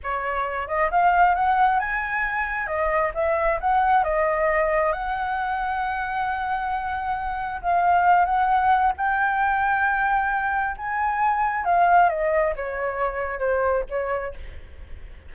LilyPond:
\new Staff \with { instrumentName = "flute" } { \time 4/4 \tempo 4 = 134 cis''4. dis''8 f''4 fis''4 | gis''2 dis''4 e''4 | fis''4 dis''2 fis''4~ | fis''1~ |
fis''4 f''4. fis''4. | g''1 | gis''2 f''4 dis''4 | cis''2 c''4 cis''4 | }